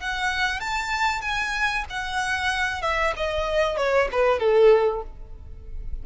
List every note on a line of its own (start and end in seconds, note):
0.00 0.60 F#5
0.60 1.21 A5
1.21 1.84 G#5
1.89 2.81 F#5
2.81 3.13 E5
3.16 3.77 D#5
3.77 4.08 C#5
4.11 4.39 B4
4.39 5.02 A4